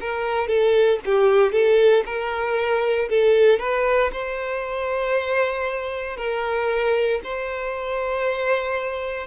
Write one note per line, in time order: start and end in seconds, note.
0.00 0.47 A#4
0.47 0.99 A4
1.05 1.52 G4
1.52 2.04 A4
2.05 3.08 A#4
3.09 3.59 A4
3.59 4.11 B4
4.12 6.16 C5
6.16 7.20 A#4
7.23 9.26 C5